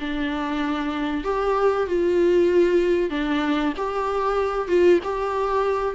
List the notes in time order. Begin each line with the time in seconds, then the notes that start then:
0.00 D4
1.24 G4
1.87 F4
3.10 D4
3.77 G4
4.69 F4
5.04 G4